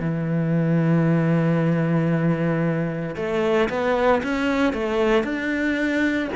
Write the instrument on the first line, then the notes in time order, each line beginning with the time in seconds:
cello
0.00 E3
3.16 A3
3.69 B3
4.23 C#4
4.73 A3
5.23 D4